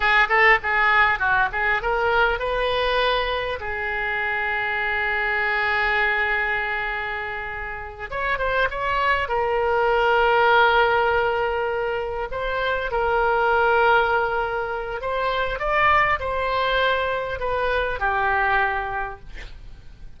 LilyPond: \new Staff \with { instrumentName = "oboe" } { \time 4/4 \tempo 4 = 100 gis'8 a'8 gis'4 fis'8 gis'8 ais'4 | b'2 gis'2~ | gis'1~ | gis'4. cis''8 c''8 cis''4 ais'8~ |
ais'1~ | ais'8 c''4 ais'2~ ais'8~ | ais'4 c''4 d''4 c''4~ | c''4 b'4 g'2 | }